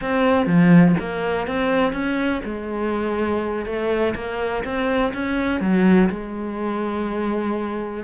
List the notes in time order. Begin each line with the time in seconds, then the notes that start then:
0.01 C4
0.46 F3
0.99 A#3
1.47 C4
1.92 C#4
2.44 G#3
3.65 A3
4.15 A#3
4.64 C4
5.13 C#4
5.60 F#3
6.09 G#3